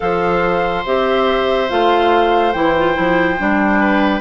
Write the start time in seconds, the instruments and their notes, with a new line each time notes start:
0.00 bassoon F3, clarinet A4, oboe C5, flute F5
0.85 bassoon C4, clarinet G4, flute E5
1.68 bassoon A3, clarinet F4, flute F5
2.52 bassoon E3, clarinet E4, flute G5
2.77 clarinet F4
2.94 bassoon F3, clarinet E4
3.38 bassoon G3, clarinet D4
3.80 oboe B4